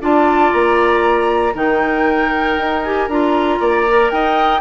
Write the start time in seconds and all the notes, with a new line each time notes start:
0.00 D4 F4 D5 A5
0.52 A#3 A#5
1.53 D#3 D#4 A#4 G5
2.57 D#4
2.82 G4 G#5
3.08 D4 F4 A#5
3.59 A#3 D5
3.89 A#4
4.10 D#4 D#5 G5